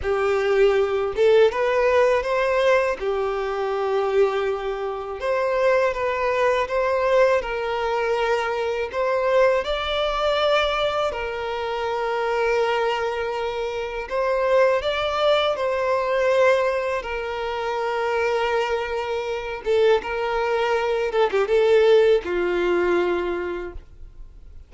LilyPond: \new Staff \with { instrumentName = "violin" } { \time 4/4 \tempo 4 = 81 g'4. a'8 b'4 c''4 | g'2. c''4 | b'4 c''4 ais'2 | c''4 d''2 ais'4~ |
ais'2. c''4 | d''4 c''2 ais'4~ | ais'2~ ais'8 a'8 ais'4~ | ais'8 a'16 g'16 a'4 f'2 | }